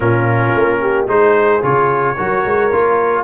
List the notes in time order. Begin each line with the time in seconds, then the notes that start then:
0.00 A#2 C#4 F4 A#4
0.55 A#3
0.81 G4
1.07 G#3 D#4 G#4 C5
1.62 C#3 F4 C#5
2.16 F#3 F#4 A#4
2.45 G#3
2.72 A#3 F4